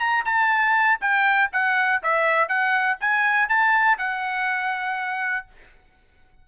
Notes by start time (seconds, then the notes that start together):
0.00 A#5
0.26 A5
1.01 G5
1.53 F#5
2.03 E5
2.49 F#5
3.01 G#5
3.49 A5
3.98 F#5